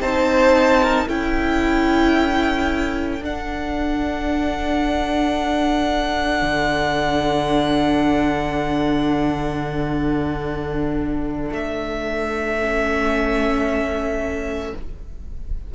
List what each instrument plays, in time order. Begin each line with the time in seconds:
0.00 cello C4, viola D#4, violin C5 A5
0.82 violin A#4
1.08 cello C#4, viola E4, violin A4 G5
3.21 cello D4, viola D4, violin F#5
6.42 cello D3
11.52 cello A3, violin E5
12.60 viola C#4